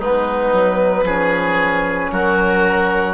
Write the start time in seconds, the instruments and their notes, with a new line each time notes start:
0.00 bassoon G#3, trombone B3, oboe D#4, violin B4
0.52 bassoon F#3
1.04 bassoon F3, trombone C#4, oboe G#4
2.12 bassoon F#3, oboe F#4, violin A#4